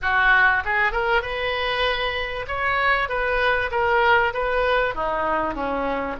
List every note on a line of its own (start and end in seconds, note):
0.01 0.63 F#4
0.64 0.92 G#4
0.92 1.22 A#4
1.22 2.45 B4
2.47 3.08 C#5
3.08 3.70 B4
3.71 4.33 A#4
4.33 4.95 B4
4.95 5.54 D#4
5.54 6.16 C#4